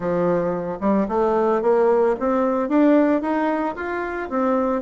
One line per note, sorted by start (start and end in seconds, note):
0.00 0.78 F3
0.80 1.07 G3
1.08 1.61 A3
1.61 2.15 A#3
2.19 2.69 C4
2.69 3.21 D4
3.21 3.75 D#4
3.75 4.29 F4
4.29 4.81 C4